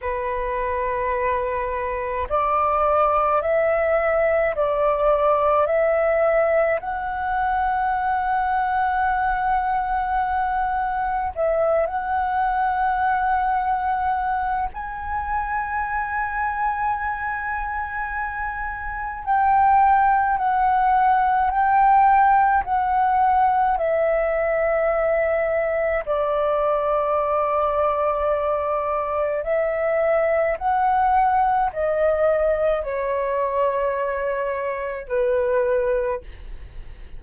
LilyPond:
\new Staff \with { instrumentName = "flute" } { \time 4/4 \tempo 4 = 53 b'2 d''4 e''4 | d''4 e''4 fis''2~ | fis''2 e''8 fis''4.~ | fis''4 gis''2.~ |
gis''4 g''4 fis''4 g''4 | fis''4 e''2 d''4~ | d''2 e''4 fis''4 | dis''4 cis''2 b'4 | }